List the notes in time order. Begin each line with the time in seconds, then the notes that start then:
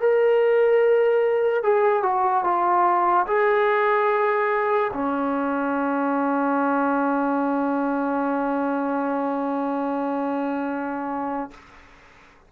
0.00 A#4
1.63 G#4
2.03 F#4
2.44 F4
3.27 G#4
4.93 C#4